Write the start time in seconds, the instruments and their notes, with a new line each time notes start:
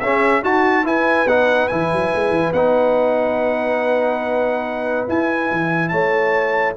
0.00 tuba C#4, trombone C#4, horn G#4, trumpet E5
0.41 tuba D#4, horn F#4, trombone F#4, trumpet A5
0.84 trombone E4, tuba E4, horn B4, trumpet G#5
1.26 tuba B3, trombone D#4, trumpet F#5
1.67 tuba E3, trombone E4, trumpet G#5
1.92 tuba F#3
2.15 tuba G#3
2.30 tuba E3
2.53 tuba B3, trombone D#4, trumpet F#5
5.08 trombone E4, tuba E4, trumpet G#5
5.51 tuba E3
5.88 tuba A3, horn C#5, trumpet A5